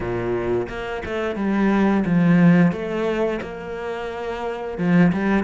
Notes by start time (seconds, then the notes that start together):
0.00 A#2
0.68 A#3
1.05 A3
1.35 G3
2.05 F3
2.71 A3
3.41 A#3
4.77 F3
5.12 G3